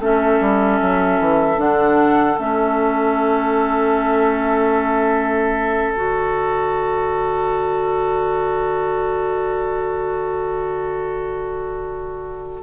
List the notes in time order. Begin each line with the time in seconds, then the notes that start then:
0.00 A3 C#4 A4 E5
0.40 G3
0.81 F#3
1.20 E3
1.57 D3 D4 F#5
2.38 A3 C#4 E5
5.92 D3 F#4 D5